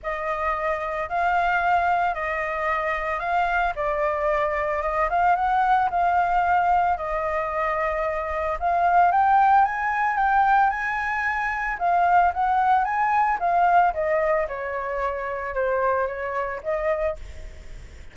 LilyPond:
\new Staff \with { instrumentName = "flute" } { \time 4/4 \tempo 4 = 112 dis''2 f''2 | dis''2 f''4 d''4~ | d''4 dis''8 f''8 fis''4 f''4~ | f''4 dis''2. |
f''4 g''4 gis''4 g''4 | gis''2 f''4 fis''4 | gis''4 f''4 dis''4 cis''4~ | cis''4 c''4 cis''4 dis''4 | }